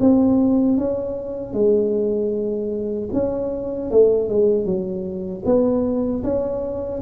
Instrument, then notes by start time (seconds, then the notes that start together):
tuba
0.00 C4
0.78 C#4
1.54 G#3
3.13 C#4
3.91 A3
4.29 G#3
4.65 F#3
5.45 B3
6.24 C#4